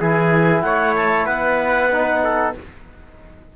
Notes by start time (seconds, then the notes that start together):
0.00 E3 E4 G#4 G#5
0.62 A3 C#5 F#5
0.96 A5
1.26 B3 B4 F#5
1.91 D#4
2.24 A4